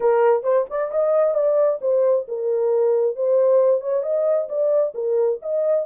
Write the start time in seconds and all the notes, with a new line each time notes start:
0.00 A#4
0.43 C5
0.70 D5
0.91 D#5
1.34 D5
1.81 C5
2.28 A#4
3.16 C5
3.80 C#5
4.03 D#5
4.48 D5
4.94 A#4
5.41 D#5